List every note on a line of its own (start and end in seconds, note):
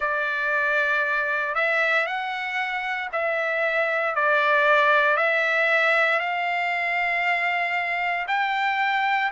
0.00 1.54 D5
1.54 2.06 E5
2.06 3.09 F#5
3.12 4.15 E5
4.15 5.16 D5
5.16 6.19 E5
6.19 8.26 F5
8.28 9.31 G5